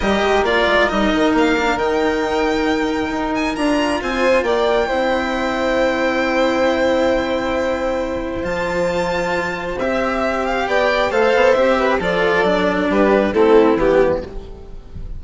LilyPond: <<
  \new Staff \with { instrumentName = "violin" } { \time 4/4 \tempo 4 = 135 dis''4 d''4 dis''4 f''4 | g''2.~ g''8 gis''8 | ais''4 gis''4 g''2~ | g''1~ |
g''2. a''4~ | a''2 e''4. f''8 | g''4 f''4 e''4 d''4~ | d''4 b'4 a'4 g'4 | }
  \new Staff \with { instrumentName = "violin" } { \time 4/4 ais'1~ | ais'1~ | ais'4 c''4 d''4 c''4~ | c''1~ |
c''1~ | c''1 | d''4 c''4. b'8 a'4~ | a'4 g'4 e'2 | }
  \new Staff \with { instrumentName = "cello" } { \time 4/4 g'4 f'4 dis'4. d'8 | dis'1 | f'2. e'4~ | e'1~ |
e'2. f'4~ | f'2 g'2~ | g'4 a'4 g'4 f'4 | d'2 c'4 b4 | }
  \new Staff \with { instrumentName = "bassoon" } { \time 4/4 g8 gis8 ais8 gis8 g8 dis8 ais4 | dis2. dis'4 | d'4 c'4 ais4 c'4~ | c'1~ |
c'2. f4~ | f2 c'2 | b4 a8 b8 c'4 f4 | fis4 g4 a4 e4 | }
>>